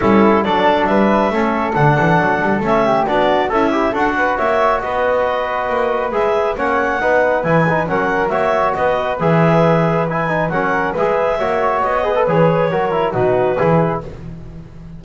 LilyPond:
<<
  \new Staff \with { instrumentName = "clarinet" } { \time 4/4 \tempo 4 = 137 a'4 d''4 e''2 | fis''2 e''4 d''4 | e''4 fis''4 e''4 dis''4~ | dis''2 e''4 fis''4~ |
fis''4 gis''4 fis''4 e''4 | dis''4 e''2 gis''4 | fis''4 e''2 dis''4 | cis''2 b'2 | }
  \new Staff \with { instrumentName = "flute" } { \time 4/4 e'4 a'4 b'4 a'4~ | a'2~ a'8 g'8 fis'4 | e'4 a'8 b'8 cis''4 b'4~ | b'2. cis''4 |
b'2 ais'4 cis''4 | b'1 | ais'4 b'4 cis''4. b'8~ | b'4 ais'4 fis'4 gis'4 | }
  \new Staff \with { instrumentName = "trombone" } { \time 4/4 cis'4 d'2 cis'4 | d'2 cis'4 d'4 | a'8 g'8 fis'2.~ | fis'2 gis'4 cis'4 |
dis'4 e'8 dis'8 cis'4 fis'4~ | fis'4 gis'2 e'8 dis'8 | cis'4 gis'4 fis'4. gis'16 a'16 | gis'4 fis'8 e'8 dis'4 e'4 | }
  \new Staff \with { instrumentName = "double bass" } { \time 4/4 g4 fis4 g4 a4 | d8 e8 fis8 g8 a4 b4 | cis'4 d'4 ais4 b4~ | b4 ais4 gis4 ais4 |
b4 e4 fis4 ais4 | b4 e2. | fis4 gis4 ais4 b4 | e4 fis4 b,4 e4 | }
>>